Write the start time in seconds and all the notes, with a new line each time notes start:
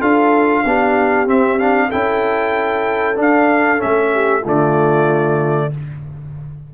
0.00 D4 F4 A4 F5
0.65 B3 D4 G4
1.27 C4 E5
1.59 D4 F5
1.88 C#4 E4 A4 G5
3.16 D4 F5
3.78 A3 C#4 E5
4.13 G4
4.41 D3 A3 F4
4.48 D5